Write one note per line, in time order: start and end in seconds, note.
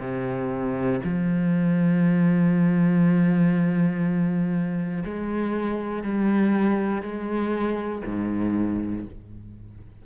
0.00 1.00 C3
1.04 5.04 F3
5.05 6.03 G#3
6.03 7.02 G3
7.02 8.02 G#3
8.05 9.05 G#2